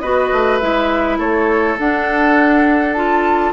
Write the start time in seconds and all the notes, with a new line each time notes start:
0.00 B3 F#4 B4 D#5
0.32 A3
0.59 G#3 E4 E5
1.19 A3 A4 C#5
1.79 D4 F#5
2.94 F4 A5